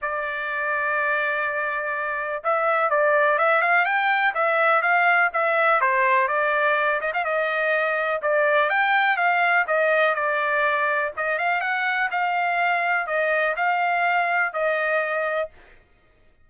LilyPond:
\new Staff \with { instrumentName = "trumpet" } { \time 4/4 \tempo 4 = 124 d''1~ | d''4 e''4 d''4 e''8 f''8 | g''4 e''4 f''4 e''4 | c''4 d''4. dis''16 f''16 dis''4~ |
dis''4 d''4 g''4 f''4 | dis''4 d''2 dis''8 f''8 | fis''4 f''2 dis''4 | f''2 dis''2 | }